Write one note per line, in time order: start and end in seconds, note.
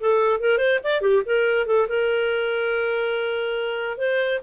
0.00 0.40 A4
0.40 0.58 A#4
0.58 0.79 C5
0.84 1.01 D5
1.01 1.22 G4
1.26 1.66 A#4
1.66 1.87 A4
1.88 3.97 A#4
3.97 4.40 C5